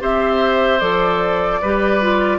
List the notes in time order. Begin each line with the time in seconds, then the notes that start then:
0.00 C4 G4 C5 E5
0.80 F3 A4 D5
1.62 G3 G4 B4
2.02 F4